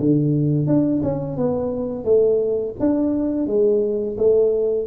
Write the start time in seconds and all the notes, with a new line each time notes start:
0.00 D3
0.67 D4
1.03 C#4
1.37 B3
2.05 A3
2.80 D4
3.48 G#3
4.18 A3